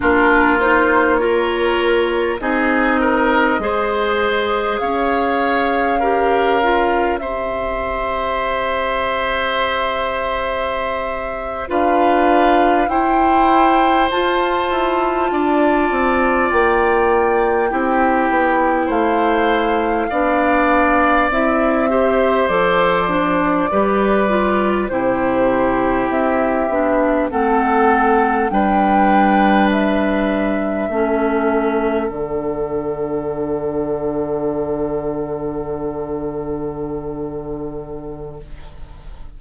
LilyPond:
<<
  \new Staff \with { instrumentName = "flute" } { \time 4/4 \tempo 4 = 50 ais'8 c''8 cis''4 dis''2 | f''2 e''2~ | e''4.~ e''16 f''4 g''4 a''16~ | a''4.~ a''16 g''2 f''16~ |
f''4.~ f''16 e''4 d''4~ d''16~ | d''8. c''4 e''4 fis''4 g''16~ | g''8. e''2 fis''4~ fis''16~ | fis''1 | }
  \new Staff \with { instrumentName = "oboe" } { \time 4/4 f'4 ais'4 gis'8 ais'8 c''4 | cis''4 ais'4 c''2~ | c''4.~ c''16 b'4 c''4~ c''16~ | c''8. d''2 g'4 c''16~ |
c''8. d''4. c''4. b'16~ | b'8. g'2 a'4 b'16~ | b'4.~ b'16 a'2~ a'16~ | a'1 | }
  \new Staff \with { instrumentName = "clarinet" } { \time 4/4 d'8 dis'8 f'4 dis'4 gis'4~ | gis'4 g'8 f'8 g'2~ | g'4.~ g'16 f'4 e'4 f'16~ | f'2~ f'8. e'4~ e'16~ |
e'8. d'4 e'8 g'8 a'8 d'8 g'16~ | g'16 f'8 e'4. d'8 c'4 d'16~ | d'4.~ d'16 cis'4 d'4~ d'16~ | d'1 | }
  \new Staff \with { instrumentName = "bassoon" } { \time 4/4 ais2 c'4 gis4 | cis'2 c'2~ | c'4.~ c'16 d'4 e'4 f'16~ | f'16 e'8 d'8 c'8 ais4 c'8 b8 a16~ |
a8. b4 c'4 f4 g16~ | g8. c4 c'8 b8 a4 g16~ | g4.~ g16 a4 d4~ d16~ | d1 | }
>>